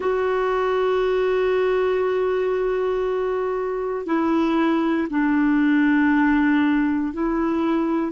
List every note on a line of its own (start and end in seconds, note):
0.00 4.05 F#4
4.05 5.07 E4
5.09 7.13 D4
7.13 8.11 E4